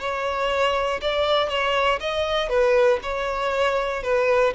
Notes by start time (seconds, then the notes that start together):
0.00 C#5
1.02 D5
1.49 C#5
2.00 D#5
2.49 B4
3.03 C#5
4.03 B4